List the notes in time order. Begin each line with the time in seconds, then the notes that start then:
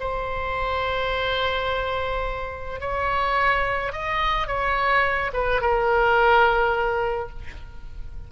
0.00 C5
2.81 C#5
3.93 D#5
4.47 C#5
5.33 B4
5.61 A#4